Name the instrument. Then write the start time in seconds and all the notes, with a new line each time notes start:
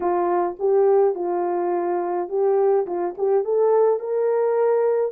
horn
0.00 F4
0.59 G4
1.14 F4
2.28 G4
2.86 F4
3.17 G4
3.44 A4
3.99 A#4